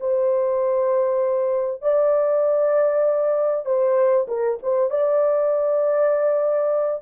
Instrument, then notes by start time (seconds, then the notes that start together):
horn
0.00 C5
1.82 D5
3.65 C5
4.27 A#4
4.62 C5
4.90 D5